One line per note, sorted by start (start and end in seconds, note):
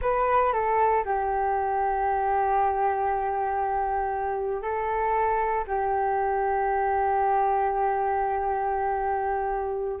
0.01 0.52 B4
0.52 1.03 A4
1.04 4.62 G4
4.62 5.64 A4
5.67 10.00 G4